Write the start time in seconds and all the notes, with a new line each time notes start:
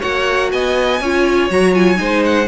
0.00 A#3 F#4 C#5 F#5
0.52 B3 D#5 G#5
1.00 C#4 F4 C#5
1.50 F#3 F#4 A#5
1.73 F4 G#5
1.95 G#3 D#4 C5
2.25 F#5